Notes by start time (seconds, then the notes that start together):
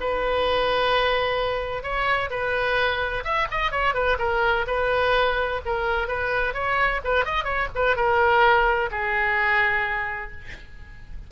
0.00 B4
1.83 C#5
2.30 B4
3.24 E5
3.51 D#5
3.71 C#5
3.94 B4
4.19 A#4
4.67 B4
5.65 A#4
6.08 B4
6.54 C#5
7.04 B4
7.25 D#5
7.44 C#5
7.75 B4
7.96 A#4
8.91 G#4